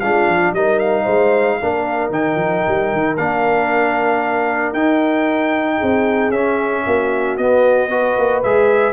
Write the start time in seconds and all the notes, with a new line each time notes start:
0.00 G#3 D4 F4 F5
0.28 F3
0.53 G3 D#4 A#4 D#5
0.79 F5
1.03 G#3 C5
1.61 A#3 D4 A#4
2.10 D#3 D#4 G5
2.35 F3
2.68 G3
2.92 D#3
3.17 A#3 D4 F5
4.73 D#4 G5
5.77 C4 G#4
6.30 C#4 E5
6.86 A#3 F#4
7.37 B3 D#5
7.90 F#4 B4
8.17 A#3
8.43 G#3 G#4 E5